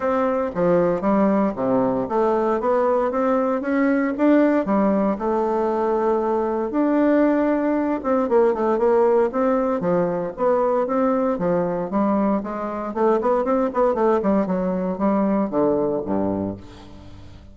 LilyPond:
\new Staff \with { instrumentName = "bassoon" } { \time 4/4 \tempo 4 = 116 c'4 f4 g4 c4 | a4 b4 c'4 cis'4 | d'4 g4 a2~ | a4 d'2~ d'8 c'8 |
ais8 a8 ais4 c'4 f4 | b4 c'4 f4 g4 | gis4 a8 b8 c'8 b8 a8 g8 | fis4 g4 d4 g,4 | }